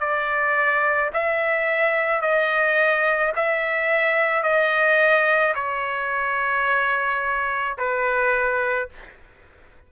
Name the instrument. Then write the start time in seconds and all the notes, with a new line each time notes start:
trumpet
0.00 D5
1.14 E5
2.22 D#5
3.36 E5
4.43 D#5
5.56 C#5
7.78 B4